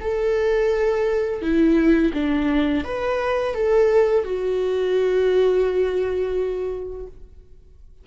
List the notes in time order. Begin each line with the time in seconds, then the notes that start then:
0.00 A4
1.41 E4
2.13 D4
2.84 B4
3.54 A4
4.24 F#4